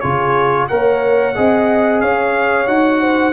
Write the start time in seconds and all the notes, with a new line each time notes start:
0.00 C#3 F4 G#4 C#5
0.68 A#3 A#4 C#5 F#5
1.35 C4 G#4 D#5
2.01 C#4 C#5 F5
2.67 D#4 F#4 F#5
3.01 C5